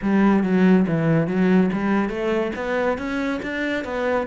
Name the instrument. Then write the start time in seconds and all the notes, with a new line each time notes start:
cello
0.02 G3
0.43 F#3
0.87 E3
1.27 F#3
1.73 G3
2.09 A3
2.55 B3
2.97 C#4
3.42 D4
3.84 B3